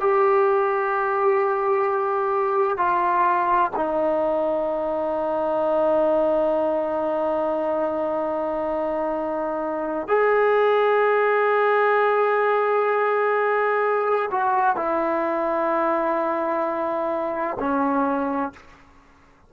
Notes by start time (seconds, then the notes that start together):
0.00 G4
2.77 F4
3.75 D#4
10.07 G#4
14.31 F#4
14.76 E4
17.59 C#4